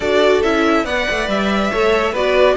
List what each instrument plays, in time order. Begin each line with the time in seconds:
0.00 cello D4, viola F#4, violin A4 D5
0.42 cello C#4, viola E4, violin E5
0.84 cello B3, viola B4, violin D5 F#5
1.10 cello A3
1.28 cello G3, violin E5
1.71 cello A3, viola A4, violin C#5
2.12 cello B3, viola F#4, violin B4 D5